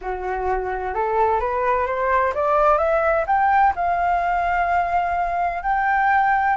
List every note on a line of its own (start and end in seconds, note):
0.01 0.94 F#4
0.94 1.40 A4
1.40 1.86 B4
1.86 2.33 C5
2.34 2.78 D5
2.78 3.25 E5
3.26 3.73 G5
3.75 5.62 F5
5.62 6.56 G5